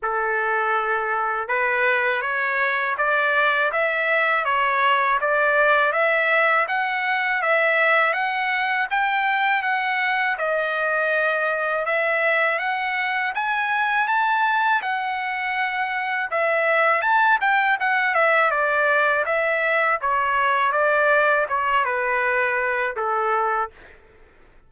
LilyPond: \new Staff \with { instrumentName = "trumpet" } { \time 4/4 \tempo 4 = 81 a'2 b'4 cis''4 | d''4 e''4 cis''4 d''4 | e''4 fis''4 e''4 fis''4 | g''4 fis''4 dis''2 |
e''4 fis''4 gis''4 a''4 | fis''2 e''4 a''8 g''8 | fis''8 e''8 d''4 e''4 cis''4 | d''4 cis''8 b'4. a'4 | }